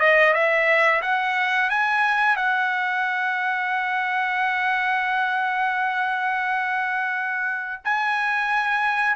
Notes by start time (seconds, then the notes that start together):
0.00 D#5
0.34 E5
1.02 F#5
1.70 G#5
2.36 F#5
7.85 G#5